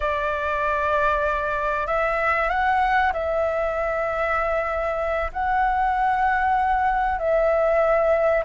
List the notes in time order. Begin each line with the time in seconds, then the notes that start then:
0.00 D5
1.87 E5
2.49 F#5
3.12 E5
5.32 F#5
7.18 E5